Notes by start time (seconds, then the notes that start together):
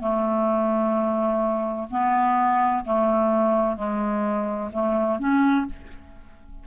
0.00 A3
1.90 B3
2.85 A3
3.77 G#3
4.73 A3
5.19 C#4